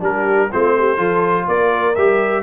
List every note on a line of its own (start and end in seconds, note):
0.00 0.49 G3
0.00 0.48 D4
0.00 0.51 G4
0.00 0.52 A#4
0.51 0.97 A3
0.51 0.97 C4
0.51 0.77 F4
0.51 1.48 C5
0.78 0.97 G4
0.97 1.46 F3
0.97 1.94 F4
0.97 1.46 A4
1.48 1.96 A#3
1.48 2.42 A#4
1.48 1.95 D5
1.95 2.42 G3
1.95 2.42 G4
1.95 2.42 E5